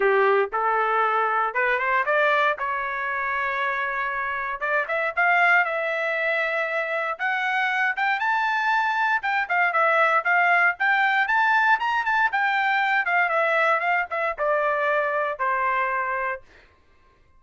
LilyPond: \new Staff \with { instrumentName = "trumpet" } { \time 4/4 \tempo 4 = 117 g'4 a'2 b'8 c''8 | d''4 cis''2.~ | cis''4 d''8 e''8 f''4 e''4~ | e''2 fis''4. g''8 |
a''2 g''8 f''8 e''4 | f''4 g''4 a''4 ais''8 a''8 | g''4. f''8 e''4 f''8 e''8 | d''2 c''2 | }